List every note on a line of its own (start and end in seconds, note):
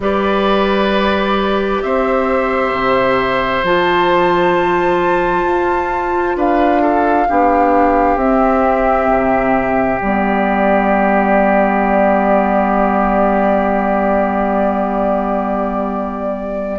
0.00 1.81 G3
0.00 3.64 G4
0.00 1.84 B4
0.00 1.82 D5
1.82 2.72 C4
1.82 6.37 C5
1.82 3.64 E5
2.72 3.63 C3
3.63 5.43 F3
3.63 7.28 F4
3.63 6.37 A5
5.43 6.34 F4
6.36 7.27 D4
6.36 6.81 B4
6.36 8.17 F5
6.81 7.27 A4
7.28 8.16 B3
7.28 8.17 D4
7.28 16.79 G4
8.16 9.06 C4
8.16 9.99 C4
8.16 9.99 E5
9.09 10.00 C3
10.00 16.79 G3
10.00 16.79 B3
10.00 16.79 D5